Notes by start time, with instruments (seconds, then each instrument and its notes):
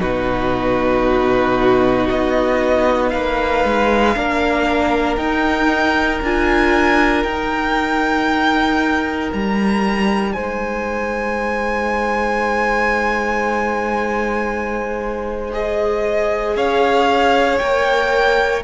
0.00 cello B2, viola D#4, violin F#4 B4
2.09 cello B3, violin D#5
3.09 cello A#3, violin B4 F5
3.64 cello G#3
4.16 cello A#3, viola D4, violin A#4
5.17 cello D#4, viola D#4, violin G5
6.22 cello D4, viola F4, violin G#5
7.23 cello D#4, viola D#4, violin G5
9.33 cello G3, violin A#5
10.33 cello G#3, violin C5 G#5
15.52 viola G#4, violin D#5
16.56 cello C#4, violin C#5 F5
17.59 cello A#3, viola A#4, violin G5